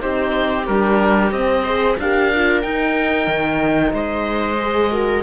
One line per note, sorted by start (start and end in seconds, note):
0.00 0.68 C4
0.00 0.65 D#4
0.00 1.64 G4
0.00 0.67 C5
0.67 1.31 G3
0.67 1.33 D4
0.67 1.32 A#4
1.31 1.97 C4
1.31 1.65 C4
1.31 1.97 D#5
1.64 1.99 G#4
1.64 1.96 C5
1.99 2.64 D4
1.99 2.34 G4
1.99 3.94 A#4
1.99 2.62 F5
2.35 2.63 F4
2.62 4.59 D#4
2.62 3.27 D#4
2.62 3.92 G5
3.27 3.93 D#3
3.93 5.23 G#3
3.93 4.91 C5
3.93 5.23 D#5
4.61 4.92 G#4
4.91 5.23 F#4
4.91 5.23 A#4